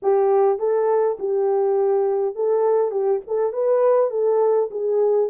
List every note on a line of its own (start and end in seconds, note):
0.02 0.58 G4
0.58 1.17 A4
1.19 2.35 G4
2.35 2.91 A4
2.91 3.20 G4
3.27 3.52 A4
3.52 4.10 B4
4.10 4.69 A4
4.71 5.29 G#4